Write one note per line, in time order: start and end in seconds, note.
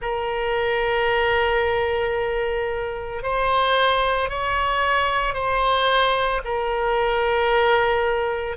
0.01 3.22 A#4
3.22 4.29 C5
4.29 5.34 C#5
5.34 6.41 C5
6.44 8.57 A#4